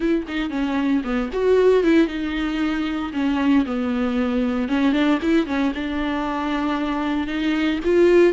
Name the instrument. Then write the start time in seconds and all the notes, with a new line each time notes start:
viola
0.00 E4
0.27 D#4
0.50 C#4
1.03 B3
1.33 F#4
1.83 E4
2.07 D#4
3.13 C#4
3.65 B3
4.68 C#4
4.92 D4
5.22 E4
5.46 C#4
5.74 D4
7.27 D#4
7.84 F4